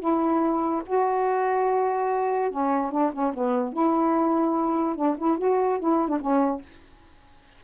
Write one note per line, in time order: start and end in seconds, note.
0.00 0.83 E4
0.86 2.51 F#4
2.51 2.92 C#4
2.92 3.12 D4
3.13 3.34 C#4
3.34 3.73 B3
3.73 4.96 E4
4.96 5.17 D4
5.18 5.38 E4
5.38 5.80 F#4
5.80 6.09 E4
6.09 6.19 D4
6.21 6.62 C#4